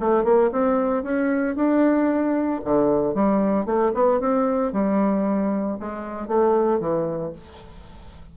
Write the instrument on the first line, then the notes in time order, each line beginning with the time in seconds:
bassoon
0.00 A3
0.24 A#3
0.52 C4
1.03 C#4
1.56 D4
2.64 D3
3.14 G3
3.66 A3
3.94 B3
4.20 C4
4.72 G3
5.79 G#3
6.28 A3
6.79 E3